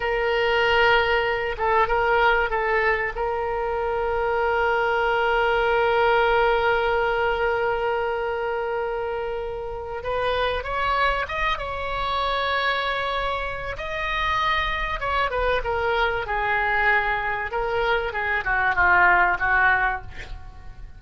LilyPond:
\new Staff \with { instrumentName = "oboe" } { \time 4/4 \tempo 4 = 96 ais'2~ ais'8 a'8 ais'4 | a'4 ais'2.~ | ais'1~ | ais'1 |
b'4 cis''4 dis''8 cis''4.~ | cis''2 dis''2 | cis''8 b'8 ais'4 gis'2 | ais'4 gis'8 fis'8 f'4 fis'4 | }